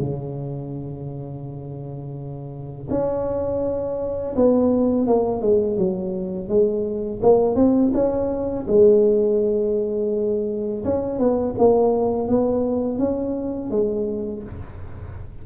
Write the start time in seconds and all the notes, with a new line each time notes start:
0.00 C#3
2.91 C#4
4.36 B3
5.08 A#3
5.42 G#3
5.78 F#3
6.49 G#3
7.23 A#3
7.56 C4
7.94 C#4
8.68 G#3
10.85 C#4
11.19 B3
11.59 A#3
12.29 B3
12.99 C#4
13.71 G#3